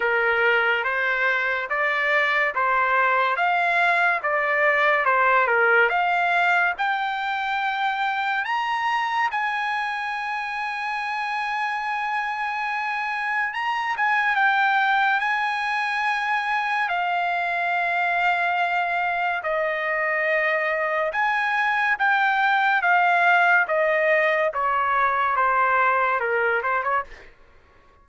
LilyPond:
\new Staff \with { instrumentName = "trumpet" } { \time 4/4 \tempo 4 = 71 ais'4 c''4 d''4 c''4 | f''4 d''4 c''8 ais'8 f''4 | g''2 ais''4 gis''4~ | gis''1 |
ais''8 gis''8 g''4 gis''2 | f''2. dis''4~ | dis''4 gis''4 g''4 f''4 | dis''4 cis''4 c''4 ais'8 c''16 cis''16 | }